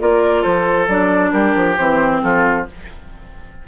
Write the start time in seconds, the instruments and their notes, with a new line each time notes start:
0.00 bassoon A#3, clarinet F4, oboe A#4, flute D5
0.41 bassoon F3, oboe A4, flute C5
0.88 bassoon F#3, clarinet D4, flute D5
1.31 bassoon G3, oboe G4, flute A#4
1.55 bassoon F3
1.77 bassoon E3, clarinet C4, flute C5
2.23 bassoon F3, oboe F4, flute A4